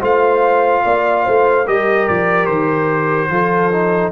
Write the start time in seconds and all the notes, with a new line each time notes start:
0.00 A3 F4 C5 F5
0.84 A#3 D5
1.25 A3 C5
1.66 G3 G4 A#4 D#5
2.09 F3 D5
2.47 D#3 C5
3.30 F3 F4 A4
3.72 D#4